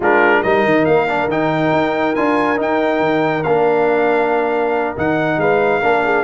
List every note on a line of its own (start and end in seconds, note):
0.00 0.40 G#3
0.00 0.45 D4
0.00 0.40 F4
0.00 0.42 A#4
0.42 0.65 G3
0.42 1.08 D#4
0.42 5.39 A#4
0.42 0.85 D#5
0.65 0.86 D#3
0.85 1.27 A#3
0.85 1.28 F5
1.08 1.29 D4
1.27 1.70 D#3
1.27 2.16 D#4
1.27 2.15 G5
1.72 2.15 D#4
2.15 2.60 D4
2.15 2.56 F4
2.15 2.58 G#5
2.56 3.43 D#4
2.56 2.99 D#4
2.56 3.43 G5
2.99 3.42 D#3
3.43 4.96 A#3
3.43 4.96 D4
3.43 4.94 F5
4.96 5.37 D#3
4.96 5.82 D#4
4.96 5.40 F#5
5.37 5.80 G#3
5.37 5.81 B4
5.37 6.24 F5
5.81 6.24 A#3
5.81 6.24 D4
5.81 6.02 A#4
6.04 6.24 G#4